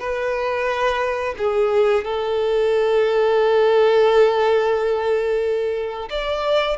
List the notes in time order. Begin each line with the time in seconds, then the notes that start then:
0.00 B4
1.38 G#4
2.05 A4
6.10 D5